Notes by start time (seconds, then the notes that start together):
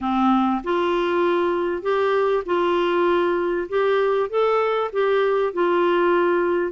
0.00 C4
0.63 F4
1.82 G4
2.45 F4
3.68 G4
4.29 A4
4.92 G4
5.53 F4